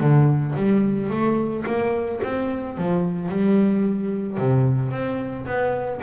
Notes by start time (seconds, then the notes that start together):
0.00 D3
0.56 G3
1.10 A3
1.66 A#3
2.24 C4
2.77 F3
3.29 G3
4.38 C3
4.91 C4
5.46 B3